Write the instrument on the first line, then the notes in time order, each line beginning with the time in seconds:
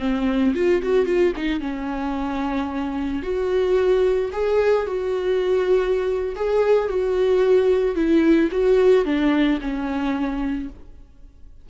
viola
0.00 C4
0.55 F4
0.83 F#4
1.06 F4
1.36 D#4
1.61 C#4
3.23 F#4
4.33 G#4
4.87 F#4
6.36 G#4
6.89 F#4
7.96 E4
8.52 F#4
9.05 D4
9.61 C#4